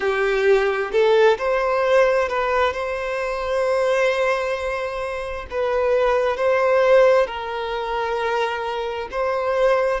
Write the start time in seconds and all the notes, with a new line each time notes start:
0.00 G4
0.92 A4
1.38 C5
2.29 B4
2.73 C5
5.50 B4
6.36 C5
7.26 A#4
9.11 C5